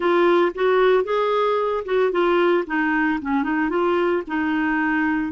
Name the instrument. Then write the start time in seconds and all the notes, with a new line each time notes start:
clarinet
0.00 F4
0.55 F#4
1.04 G#4
1.85 F#4
2.11 F4
2.66 D#4
3.21 C#4
3.43 D#4
3.69 F4
4.27 D#4